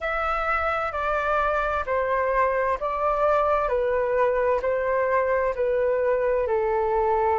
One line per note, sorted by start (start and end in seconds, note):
0.00 0.92 E5
0.92 1.84 D5
1.85 2.78 C5
2.79 3.68 D5
3.68 4.60 B4
4.62 5.54 C5
5.55 6.47 B4
6.47 7.39 A4